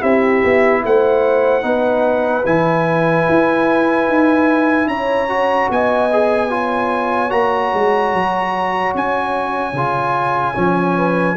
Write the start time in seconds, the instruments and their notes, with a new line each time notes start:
0.00 tuba C4, trombone E4, horn G4, trumpet E5
0.44 tuba B3
0.84 tuba A3, horn C5, trumpet F#5
1.62 tuba B3, trombone D#4, horn B4
2.46 tuba E3, trombone E4, trumpet G#5
3.29 tuba E4
4.08 tuba D#4
4.87 tuba C#4, horn C#5, trumpet A#5
5.29 trombone F#4
5.70 tuba B3, horn D#5, trumpet G#5
6.13 trombone G#4
6.50 trombone F4, horn C#5
7.30 tuba A#3, trombone F#4, trumpet A#5
7.74 tuba G#3
8.14 tuba F#3
8.95 tuba C#4, trumpet G#5
9.73 tuba C#3, trombone F4
10.55 tuba F3, trombone C#4
10.96 horn B4